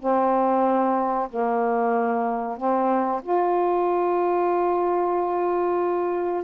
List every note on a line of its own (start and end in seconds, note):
0.00 1.29 C4
1.30 2.57 A#3
2.57 3.22 C4
3.23 6.44 F4